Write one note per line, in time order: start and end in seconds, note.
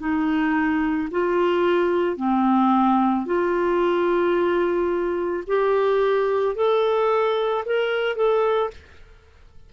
0.00 1.09 D#4
1.12 2.17 F4
2.17 3.26 C4
3.26 5.44 F4
5.47 6.56 G4
6.56 7.65 A4
7.66 8.16 A#4
8.16 8.71 A4